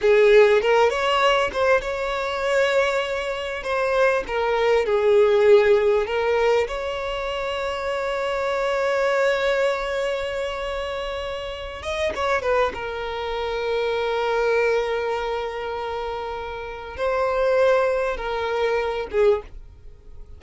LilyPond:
\new Staff \with { instrumentName = "violin" } { \time 4/4 \tempo 4 = 99 gis'4 ais'8 cis''4 c''8 cis''4~ | cis''2 c''4 ais'4 | gis'2 ais'4 cis''4~ | cis''1~ |
cis''2.~ cis''8 dis''8 | cis''8 b'8 ais'2.~ | ais'1 | c''2 ais'4. gis'8 | }